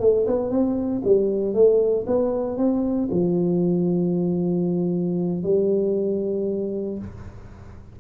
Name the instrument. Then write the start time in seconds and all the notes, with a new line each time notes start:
tuba
0.00 A3
0.27 B3
0.50 C4
1.05 G3
1.54 A3
2.07 B3
2.57 C4
3.11 F3
5.43 G3